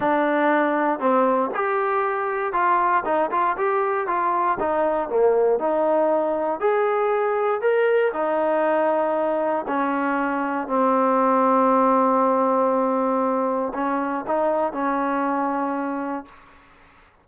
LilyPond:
\new Staff \with { instrumentName = "trombone" } { \time 4/4 \tempo 4 = 118 d'2 c'4 g'4~ | g'4 f'4 dis'8 f'8 g'4 | f'4 dis'4 ais4 dis'4~ | dis'4 gis'2 ais'4 |
dis'2. cis'4~ | cis'4 c'2.~ | c'2. cis'4 | dis'4 cis'2. | }